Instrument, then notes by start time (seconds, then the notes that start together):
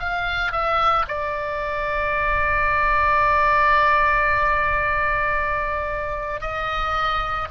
oboe
0.00 F5
0.53 E5
1.08 D5
6.41 D#5